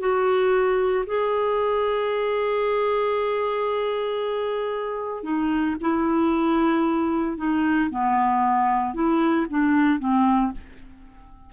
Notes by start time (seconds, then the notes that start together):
0.00 F#4
1.07 G#4
5.24 D#4
5.81 E4
7.38 D#4
7.91 B3
8.94 E4
9.50 D4
10.00 C4